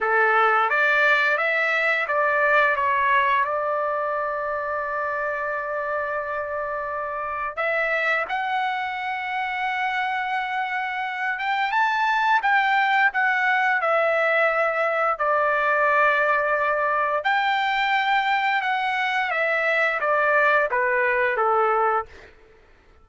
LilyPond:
\new Staff \with { instrumentName = "trumpet" } { \time 4/4 \tempo 4 = 87 a'4 d''4 e''4 d''4 | cis''4 d''2.~ | d''2. e''4 | fis''1~ |
fis''8 g''8 a''4 g''4 fis''4 | e''2 d''2~ | d''4 g''2 fis''4 | e''4 d''4 b'4 a'4 | }